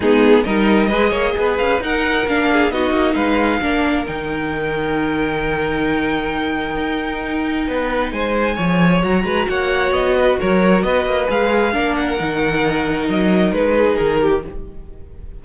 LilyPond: <<
  \new Staff \with { instrumentName = "violin" } { \time 4/4 \tempo 4 = 133 gis'4 dis''2~ dis''8 f''8 | fis''4 f''4 dis''4 f''4~ | f''4 g''2.~ | g''1~ |
g''2 gis''2 | ais''4 fis''4 dis''4 cis''4 | dis''4 f''4. fis''4.~ | fis''4 dis''4 b'4 ais'4 | }
  \new Staff \with { instrumentName = "violin" } { \time 4/4 dis'4 ais'4 b'8 cis''8 b'4 | ais'4. gis'8 fis'4 b'4 | ais'1~ | ais'1~ |
ais'4 b'4 c''4 cis''4~ | cis''8 b'8 cis''4. b'8 ais'4 | b'2 ais'2~ | ais'2~ ais'8 gis'4 g'8 | }
  \new Staff \with { instrumentName = "viola" } { \time 4/4 b4 dis'4 gis'2 | dis'4 d'4 dis'2 | d'4 dis'2.~ | dis'1~ |
dis'2. gis'4 | fis'1~ | fis'4 gis'4 d'4 dis'4~ | dis'1 | }
  \new Staff \with { instrumentName = "cello" } { \time 4/4 gis4 g4 gis8 ais8 b8 cis'8 | dis'4 ais4 b8 ais8 gis4 | ais4 dis2.~ | dis2. dis'4~ |
dis'4 b4 gis4 f4 | fis8 gis8 ais4 b4 fis4 | b8 ais8 gis4 ais4 dis4~ | dis4 fis4 gis4 dis4 | }
>>